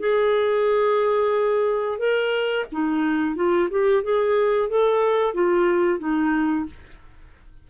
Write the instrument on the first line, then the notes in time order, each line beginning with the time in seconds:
clarinet
0.00 G#4
1.99 A#4
2.72 D#4
3.36 F4
3.71 G4
4.03 G#4
4.70 A4
5.35 F4
6.00 D#4